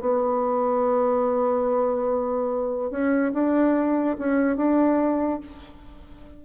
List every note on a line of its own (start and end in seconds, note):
0.00 2.90 B3
2.90 3.32 C#4
3.33 4.16 D4
4.19 4.56 C#4
4.56 5.40 D4